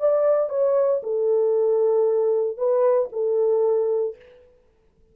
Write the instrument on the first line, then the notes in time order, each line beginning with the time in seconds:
horn
0.00 D5
0.50 C#5
1.03 A4
2.58 B4
3.13 A4